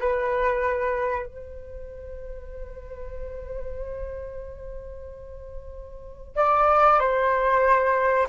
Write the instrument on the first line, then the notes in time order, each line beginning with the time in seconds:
flute
0.00 B4
1.26 C5
6.36 D5
7.00 C5